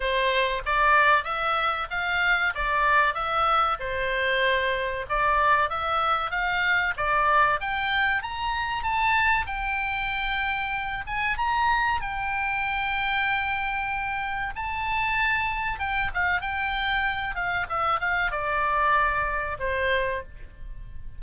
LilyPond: \new Staff \with { instrumentName = "oboe" } { \time 4/4 \tempo 4 = 95 c''4 d''4 e''4 f''4 | d''4 e''4 c''2 | d''4 e''4 f''4 d''4 | g''4 ais''4 a''4 g''4~ |
g''4. gis''8 ais''4 g''4~ | g''2. a''4~ | a''4 g''8 f''8 g''4. f''8 | e''8 f''8 d''2 c''4 | }